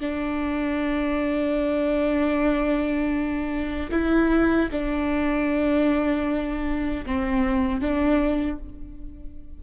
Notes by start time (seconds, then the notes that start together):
0.00 D4
3.91 E4
4.71 D4
7.06 C4
7.81 D4